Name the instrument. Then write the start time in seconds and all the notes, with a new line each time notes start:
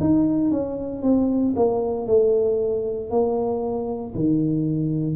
tuba
0.00 D#4
0.51 C#4
1.03 C4
1.56 A#3
2.07 A3
3.10 A#3
4.15 D#3